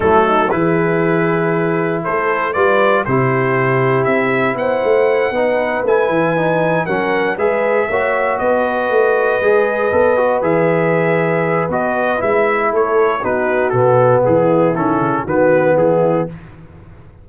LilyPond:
<<
  \new Staff \with { instrumentName = "trumpet" } { \time 4/4 \tempo 4 = 118 a'4 b'2. | c''4 d''4 c''2 | e''4 fis''2~ fis''8 gis''8~ | gis''4. fis''4 e''4.~ |
e''8 dis''2.~ dis''8~ | dis''8 e''2~ e''8 dis''4 | e''4 cis''4 b'4 a'4 | gis'4 a'4 b'4 gis'4 | }
  \new Staff \with { instrumentName = "horn" } { \time 4/4 e'8 dis'8 gis'2. | a'4 b'4 g'2~ | g'4 c''4. b'4.~ | b'4. ais'4 b'4 cis''8~ |
cis''8 b'2.~ b'8~ | b'1~ | b'4 a'4 fis'2 | e'2 fis'4 e'4 | }
  \new Staff \with { instrumentName = "trombone" } { \time 4/4 a4 e'2.~ | e'4 f'4 e'2~ | e'2~ e'8 dis'4 e'8~ | e'8 dis'4 cis'4 gis'4 fis'8~ |
fis'2~ fis'8 gis'4 a'8 | fis'8 gis'2~ gis'8 fis'4 | e'2 dis'4 b4~ | b4 cis'4 b2 | }
  \new Staff \with { instrumentName = "tuba" } { \time 4/4 fis4 e2. | a4 g4 c2 | c'4 b8 a4 b4 a8 | e4. fis4 gis4 ais8~ |
ais8 b4 a4 gis4 b8~ | b8 e2~ e8 b4 | gis4 a4 b4 b,4 | e4 dis8 cis8 dis4 e4 | }
>>